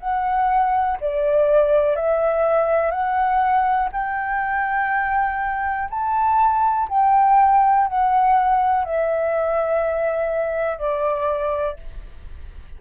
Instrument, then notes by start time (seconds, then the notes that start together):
flute
0.00 F#5
1.01 D5
1.96 E5
2.92 F#5
3.93 G5
5.91 A5
6.89 G5
7.88 F#5
8.85 E5
10.78 D5